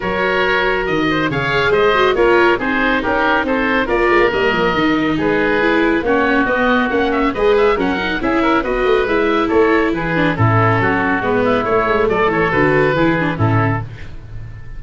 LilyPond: <<
  \new Staff \with { instrumentName = "oboe" } { \time 4/4 \tempo 4 = 139 cis''2 dis''4 f''4 | dis''4 cis''4 c''4 ais'4 | c''4 d''4 dis''2 | b'2 cis''4 dis''4 |
fis''8 e''8 dis''8 e''8 fis''4 e''4 | dis''4 e''4 cis''4 b'4 | a'2 b'4 cis''4 | d''8 cis''8 b'2 a'4 | }
  \new Staff \with { instrumentName = "oboe" } { \time 4/4 ais'2~ ais'8 c''8 cis''4 | c''4 ais'4 gis'4 g'4 | a'4 ais'2. | gis'2 fis'2~ |
fis'4 b'4 ais'4 gis'8 ais'8 | b'2 a'4 gis'4 | e'4 fis'4. e'4. | a'2 gis'4 e'4 | }
  \new Staff \with { instrumentName = "viola" } { \time 4/4 fis'2. gis'4~ | gis'8 fis'8 f'4 dis'2~ | dis'4 f'4 ais4 dis'4~ | dis'4 e'4 cis'4 b4 |
cis'4 gis'4 cis'8 dis'8 e'4 | fis'4 e'2~ e'8 d'8 | cis'2 b4 a4~ | a4 fis'4 e'8 d'8 cis'4 | }
  \new Staff \with { instrumentName = "tuba" } { \time 4/4 fis2 dis4 cis4 | gis4 ais4 c'4 cis'4 | c'4 ais8 gis16 ais16 g8 f8 dis4 | gis2 ais4 b4 |
ais4 gis4 fis4 cis'4 | b8 a8 gis4 a4 e4 | a,4 fis4 gis4 a8 gis8 | fis8 e8 d4 e4 a,4 | }
>>